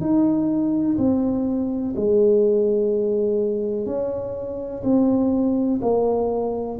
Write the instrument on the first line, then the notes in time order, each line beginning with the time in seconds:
tuba
0.00 D#4
0.97 C4
1.96 G#3
3.86 C#4
4.83 C4
5.81 A#3